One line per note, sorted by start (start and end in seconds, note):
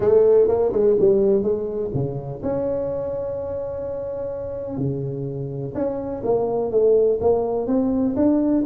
0.00 0.48 A3
0.48 0.72 A#3
0.72 0.96 G#3
1.00 1.42 G3
1.42 1.90 G#3
1.94 2.42 C#3
2.42 4.77 C#4
4.77 5.73 C#3
5.74 6.22 C#4
6.23 6.71 A#3
6.71 7.19 A3
7.20 7.67 A#3
7.67 8.15 C4
8.16 8.64 D4